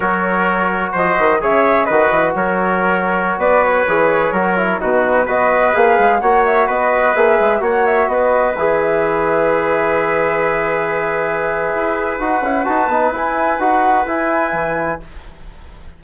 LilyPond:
<<
  \new Staff \with { instrumentName = "flute" } { \time 4/4 \tempo 4 = 128 cis''2 dis''4 e''4 | dis''4 cis''2~ cis''16 d''8 cis''16~ | cis''2~ cis''16 b'4 dis''8.~ | dis''16 f''4 fis''8 e''8 dis''4 e''8.~ |
e''16 fis''8 e''8 dis''4 e''4.~ e''16~ | e''1~ | e''2 fis''4 a''4 | gis''4 fis''4 gis''2 | }
  \new Staff \with { instrumentName = "trumpet" } { \time 4/4 ais'2 c''4 cis''4 | b'4 ais'2~ ais'16 b'8.~ | b'4~ b'16 ais'4 fis'4 b'8.~ | b'4~ b'16 cis''4 b'4.~ b'16~ |
b'16 cis''4 b'2~ b'8.~ | b'1~ | b'1~ | b'1 | }
  \new Staff \with { instrumentName = "trombone" } { \time 4/4 fis'2. gis'4 | fis'1~ | fis'16 gis'4 fis'8 e'8 dis'4 fis'8.~ | fis'16 gis'4 fis'2 gis'8.~ |
gis'16 fis'2 gis'4.~ gis'16~ | gis'1~ | gis'2 fis'8 e'8 fis'8 dis'8 | e'4 fis'4 e'2 | }
  \new Staff \with { instrumentName = "bassoon" } { \time 4/4 fis2 f8 dis8 cis4 | dis8 e8 fis2~ fis16 b8.~ | b16 e4 fis4 b,4 b8.~ | b16 ais8 gis8 ais4 b4 ais8 gis16~ |
gis16 ais4 b4 e4.~ e16~ | e1~ | e4 e'4 dis'8 cis'8 dis'8 b8 | e'4 dis'4 e'4 e4 | }
>>